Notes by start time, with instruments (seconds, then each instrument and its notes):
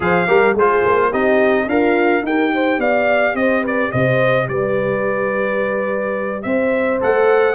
0.00 tuba F3, trombone G#4, horn C5, trumpet F5
0.27 tuba G3, trombone G4, horn A#4
0.53 tuba G#3, horn G#4, trumpet C5
0.59 trombone F4
0.85 tuba A#3
1.10 tuba C4, trombone D#4, horn G4, trumpet D#5
1.66 tuba D4, horn F4, trombone A#4, trumpet F5
2.22 tuba D#4, trombone G4, horn A#4, trumpet G5
2.54 horn C5
2.78 tuba B3, horn D5, trumpet F5
3.34 tuba C4, horn C5, trumpet D#5
3.62 horn B4, trumpet D5
3.91 tuba C3, horn C5, trumpet D#5
4.48 tuba G3, horn B4, trumpet D5
6.42 tuba C4, horn C5, trumpet E5
7.00 tuba A3, trombone A4, trumpet F#5